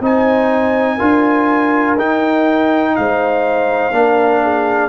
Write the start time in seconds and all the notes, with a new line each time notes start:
0.00 C4 D#4 C5 G#5
0.96 D4 F4 A#4
1.97 D#4 G5
2.96 G#3 C5 F5
3.91 A#3 D4 A#4
4.43 G#4